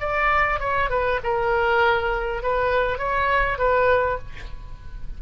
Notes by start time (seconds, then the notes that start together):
0.00 D5
0.60 C#5
0.90 B4
1.24 A#4
2.43 B4
2.99 C#5
3.59 B4